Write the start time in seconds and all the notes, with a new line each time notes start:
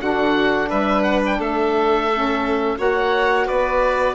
0.00 D3 D4 F#4 F#5
0.69 G3 B4 E5
1.02 F#5
1.26 G5
1.38 A3 A4 E5
2.14 C#4
2.77 A#3 F#4 C#5 F#5
3.46 B3 B4 D5